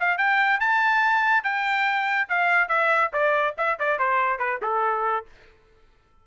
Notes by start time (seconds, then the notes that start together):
0.00 F5
0.18 G5
0.60 A5
1.43 G5
2.29 F5
2.69 E5
3.13 D5
3.58 E5
3.79 D5
3.99 C5
4.39 B4
4.62 A4